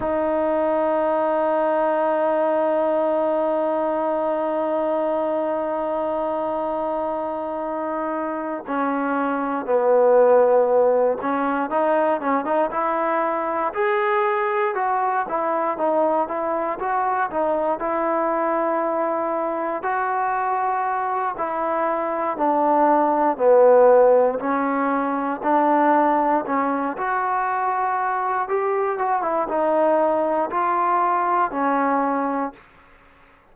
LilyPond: \new Staff \with { instrumentName = "trombone" } { \time 4/4 \tempo 4 = 59 dis'1~ | dis'1~ | dis'8 cis'4 b4. cis'8 dis'8 | cis'16 dis'16 e'4 gis'4 fis'8 e'8 dis'8 |
e'8 fis'8 dis'8 e'2 fis'8~ | fis'4 e'4 d'4 b4 | cis'4 d'4 cis'8 fis'4. | g'8 fis'16 e'16 dis'4 f'4 cis'4 | }